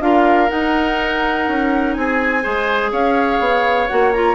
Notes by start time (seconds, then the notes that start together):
0.00 D4 F4 A#4 F5
0.48 D#4 F#5
1.48 C#4
1.93 C4 G#4 G#5
2.42 G#3 G#4 C5
2.91 C#4 C#5 F5
3.39 B3
3.87 A#3 F#4 F#5
4.13 F4 A#5